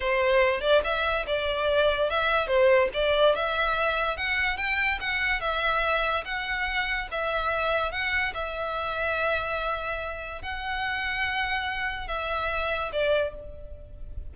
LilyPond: \new Staff \with { instrumentName = "violin" } { \time 4/4 \tempo 4 = 144 c''4. d''8 e''4 d''4~ | d''4 e''4 c''4 d''4 | e''2 fis''4 g''4 | fis''4 e''2 fis''4~ |
fis''4 e''2 fis''4 | e''1~ | e''4 fis''2.~ | fis''4 e''2 d''4 | }